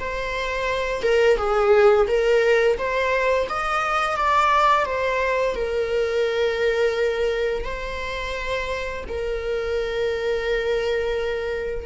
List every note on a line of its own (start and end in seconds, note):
0.00 1.03 C5
1.03 1.38 A#4
1.38 2.07 G#4
2.08 2.78 A#4
2.78 3.48 C5
3.49 4.17 D#5
4.17 4.86 D5
4.86 5.56 C5
5.56 7.65 A#4
7.65 9.04 C5
9.09 11.86 A#4